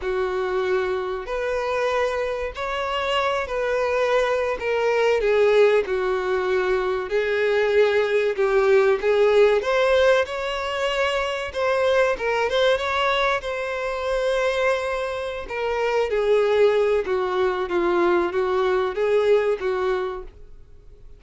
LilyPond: \new Staff \with { instrumentName = "violin" } { \time 4/4 \tempo 4 = 95 fis'2 b'2 | cis''4. b'4.~ b'16 ais'8.~ | ais'16 gis'4 fis'2 gis'8.~ | gis'4~ gis'16 g'4 gis'4 c''8.~ |
c''16 cis''2 c''4 ais'8 c''16~ | c''16 cis''4 c''2~ c''8.~ | c''8 ais'4 gis'4. fis'4 | f'4 fis'4 gis'4 fis'4 | }